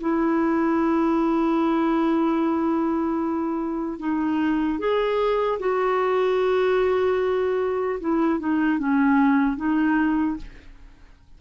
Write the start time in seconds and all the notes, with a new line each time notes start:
0.00 E4
3.99 D#4
4.79 G#4
5.59 F#4
8.00 E4
8.39 D#4
8.78 C#4
9.57 D#4